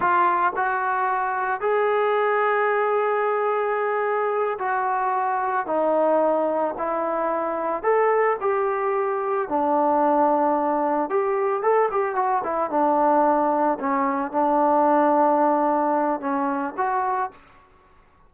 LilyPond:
\new Staff \with { instrumentName = "trombone" } { \time 4/4 \tempo 4 = 111 f'4 fis'2 gis'4~ | gis'1~ | gis'8 fis'2 dis'4.~ | dis'8 e'2 a'4 g'8~ |
g'4. d'2~ d'8~ | d'8 g'4 a'8 g'8 fis'8 e'8 d'8~ | d'4. cis'4 d'4.~ | d'2 cis'4 fis'4 | }